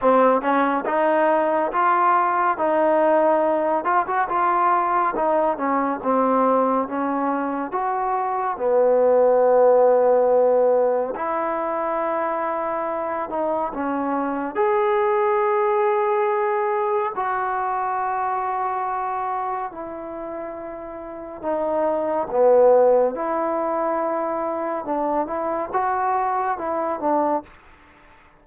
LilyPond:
\new Staff \with { instrumentName = "trombone" } { \time 4/4 \tempo 4 = 70 c'8 cis'8 dis'4 f'4 dis'4~ | dis'8 f'16 fis'16 f'4 dis'8 cis'8 c'4 | cis'4 fis'4 b2~ | b4 e'2~ e'8 dis'8 |
cis'4 gis'2. | fis'2. e'4~ | e'4 dis'4 b4 e'4~ | e'4 d'8 e'8 fis'4 e'8 d'8 | }